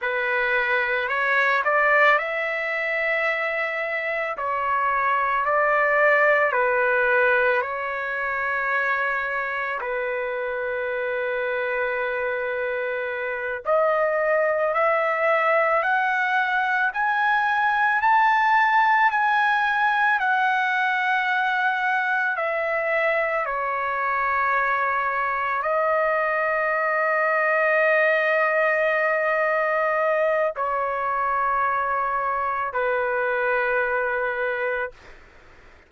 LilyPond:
\new Staff \with { instrumentName = "trumpet" } { \time 4/4 \tempo 4 = 55 b'4 cis''8 d''8 e''2 | cis''4 d''4 b'4 cis''4~ | cis''4 b'2.~ | b'8 dis''4 e''4 fis''4 gis''8~ |
gis''8 a''4 gis''4 fis''4.~ | fis''8 e''4 cis''2 dis''8~ | dis''1 | cis''2 b'2 | }